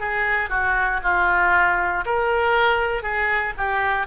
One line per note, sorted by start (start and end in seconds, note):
0.00 0.49 G#4
0.49 1.00 F#4
1.03 2.05 F4
2.05 3.03 A#4
3.03 3.54 G#4
3.57 4.07 G4